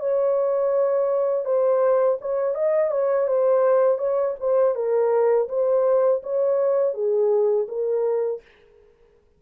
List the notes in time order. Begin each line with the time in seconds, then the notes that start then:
0.00 C#5
1.45 C5
2.21 C#5
2.55 D#5
2.91 C#5
3.28 C5
3.98 C#5
4.40 C5
4.75 A#4
5.49 C5
6.23 C#5
6.94 G#4
7.68 A#4